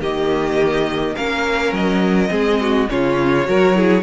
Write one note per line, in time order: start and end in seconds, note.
0.00 1.15 D#3
0.00 1.16 A#3
0.00 1.15 G4
0.00 1.16 D#5
1.15 1.72 A#3
1.15 2.29 C#4
1.15 2.30 A#4
1.15 1.73 F5
1.72 2.30 F#3
1.72 2.89 D#5
2.29 2.89 G#3
2.29 2.86 C4
2.29 2.60 G#4
2.61 2.90 F#4
2.88 3.47 C#3
2.88 3.44 C#4
2.88 3.48 F4
2.88 4.03 C#5
3.44 4.03 F#3
3.44 3.73 F#4
3.44 3.77 A#4
3.74 4.03 E4
3.74 4.03 G#4